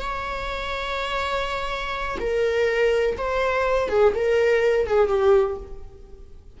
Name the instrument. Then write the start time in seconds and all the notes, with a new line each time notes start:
viola
0.00 C#5
2.20 A#4
3.17 C5
3.88 G#4
4.14 A#4
4.87 G#4
5.08 G4